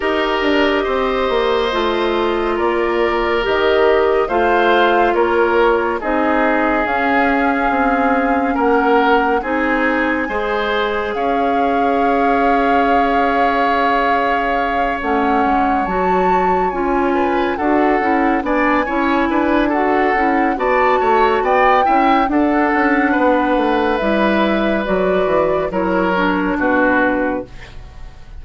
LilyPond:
<<
  \new Staff \with { instrumentName = "flute" } { \time 4/4 \tempo 4 = 70 dis''2. d''4 | dis''4 f''4 cis''4 dis''4 | f''2 fis''4 gis''4~ | gis''4 f''2.~ |
f''4. fis''4 a''4 gis''8~ | gis''8 fis''4 gis''4. fis''4 | a''4 g''4 fis''2 | e''4 d''4 cis''4 b'4 | }
  \new Staff \with { instrumentName = "oboe" } { \time 4/4 ais'4 c''2 ais'4~ | ais'4 c''4 ais'4 gis'4~ | gis'2 ais'4 gis'4 | c''4 cis''2.~ |
cis''1 | b'8 a'4 d''8 cis''8 b'8 a'4 | d''8 cis''8 d''8 e''8 a'4 b'4~ | b'2 ais'4 fis'4 | }
  \new Staff \with { instrumentName = "clarinet" } { \time 4/4 g'2 f'2 | g'4 f'2 dis'4 | cis'2. dis'4 | gis'1~ |
gis'4. cis'4 fis'4 f'8~ | f'8 fis'8 e'8 d'8 e'4 fis'8 e'8 | fis'4. e'8 d'2 | e'4 fis'4 e'8 d'4. | }
  \new Staff \with { instrumentName = "bassoon" } { \time 4/4 dis'8 d'8 c'8 ais8 a4 ais4 | dis4 a4 ais4 c'4 | cis'4 c'4 ais4 c'4 | gis4 cis'2.~ |
cis'4. a8 gis8 fis4 cis'8~ | cis'8 d'8 cis'8 b8 cis'8 d'4 cis'8 | b8 a8 b8 cis'8 d'8 cis'8 b8 a8 | g4 fis8 e8 fis4 b,4 | }
>>